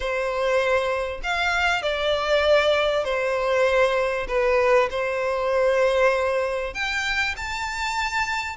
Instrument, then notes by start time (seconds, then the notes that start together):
violin
0.00 C5
1.23 F5
1.82 D5
3.04 C5
4.27 B4
4.90 C5
6.73 G5
7.36 A5